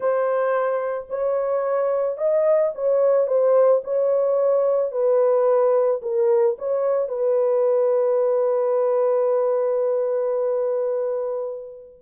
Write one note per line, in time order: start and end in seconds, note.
0.00 1.07 C5
1.09 2.17 C#5
2.17 2.71 D#5
2.74 3.27 C#5
3.27 3.81 C5
3.84 4.91 C#5
4.91 6.00 B4
6.02 6.56 A#4
6.58 7.08 C#5
7.08 11.99 B4